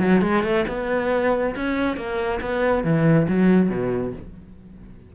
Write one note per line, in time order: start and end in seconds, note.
0.00 0.22 F#3
0.22 0.43 G#3
0.43 0.65 A3
0.68 1.55 B3
1.56 1.97 C#4
1.97 2.41 A#3
2.41 2.84 B3
2.84 3.28 E3
3.28 3.70 F#3
3.70 4.13 B2